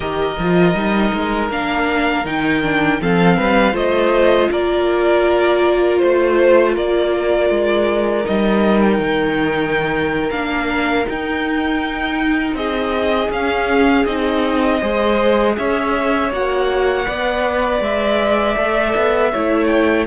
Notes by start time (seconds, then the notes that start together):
0.00 D#3 G4 A#4 D#5
0.38 F3 F4
0.74 G3 D#4
1.13 G#3
1.50 A#3 D4 F5
2.24 D#3 D#4 G5
2.62 D4
3.01 F3 C4 A4 F5
3.37 G3 B4
3.72 A3 F4 C5 D#5
4.51 A#3 A#4 D5
5.98 A3 C5
6.73 A#3 A#4 D5
7.49 G#3
8.24 G3 D#4 D#5
8.81 G5
8.98 D#3
10.30 A#3 D4 F5
11.04 D#4 G5
12.53 C4 G#4 D#5
13.30 C#4 F5
14.05 C4 D#4 D#5
14.79 G#3 G#4 C5
15.57 C#4 C#5 E5
16.31 A#3 F#4 F#5
17.05 B3 B4 D5
17.80 G#3 E5
18.56 A3 A4
18.95 B3
19.31 A3 E4 C#5
19.67 G5